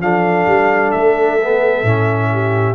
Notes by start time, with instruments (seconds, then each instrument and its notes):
0.00 tuba F3, trombone D4, horn A4, trumpet F5
0.47 tuba G3
0.91 tuba A3, trumpet E5
1.41 trombone B3
1.83 tuba A2, trombone C#4
2.32 horn G4